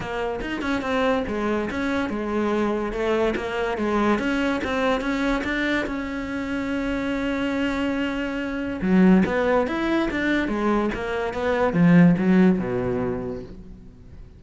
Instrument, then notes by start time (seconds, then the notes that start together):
cello
0.00 A#3
0.41 D#4
0.61 C#4
0.81 C4
1.27 G#3
1.70 C#4
2.09 G#3
2.92 A3
3.36 A#3
3.77 G#3
4.18 C#4
4.64 C4
5.00 C#4
5.44 D4
5.86 C#4
8.81 F#3
9.25 B3
9.67 E4
10.11 D4
10.48 G#3
10.94 A#3
11.33 B3
11.73 F3
12.18 F#3
12.59 B2